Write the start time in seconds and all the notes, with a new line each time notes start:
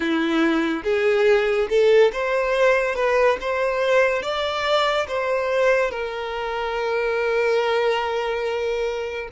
0.00 E4
0.83 G#4
1.69 A4
2.12 C5
2.95 B4
3.40 C5
4.22 D5
5.07 C5
5.90 A#4